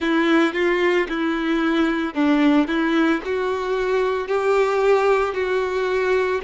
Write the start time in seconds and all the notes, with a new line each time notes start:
0.00 E4
0.54 F4
1.09 E4
2.14 D4
2.67 E4
3.24 F#4
4.27 G4
5.34 F#4